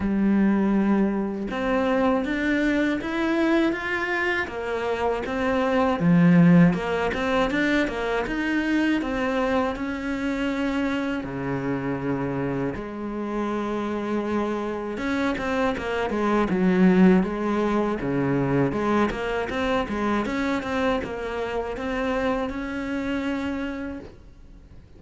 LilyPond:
\new Staff \with { instrumentName = "cello" } { \time 4/4 \tempo 4 = 80 g2 c'4 d'4 | e'4 f'4 ais4 c'4 | f4 ais8 c'8 d'8 ais8 dis'4 | c'4 cis'2 cis4~ |
cis4 gis2. | cis'8 c'8 ais8 gis8 fis4 gis4 | cis4 gis8 ais8 c'8 gis8 cis'8 c'8 | ais4 c'4 cis'2 | }